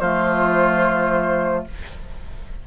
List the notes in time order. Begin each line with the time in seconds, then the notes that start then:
0.00 F3 A3 F4 C5